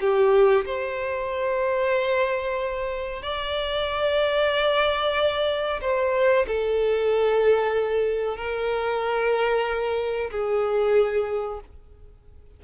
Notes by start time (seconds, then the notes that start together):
0.00 G4
0.66 C5
3.22 D5
5.81 C5
6.47 A4
8.36 A#4
10.31 G#4